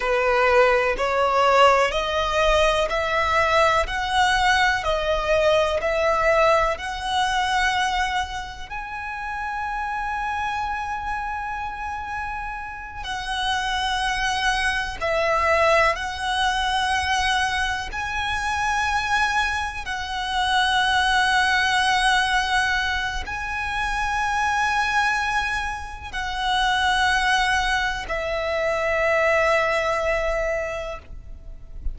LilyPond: \new Staff \with { instrumentName = "violin" } { \time 4/4 \tempo 4 = 62 b'4 cis''4 dis''4 e''4 | fis''4 dis''4 e''4 fis''4~ | fis''4 gis''2.~ | gis''4. fis''2 e''8~ |
e''8 fis''2 gis''4.~ | gis''8 fis''2.~ fis''8 | gis''2. fis''4~ | fis''4 e''2. | }